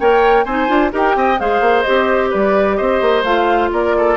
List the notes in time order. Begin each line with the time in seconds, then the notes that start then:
0.00 A#3 A#4 C#5 G5
0.45 C4 D#4 C5 G#5
0.68 D4 F4
0.92 D#4 G4 A#4 G5
1.16 C4 D#5
1.39 G#3 G#4 C5 F5
1.61 A#3
1.82 G4 D#5
1.89 C4
2.30 G3 B4 D5
2.77 C4 C5 D#5
3.02 A#3
3.24 A3 F4 F5
3.73 A#3 A#4 D5
3.98 A4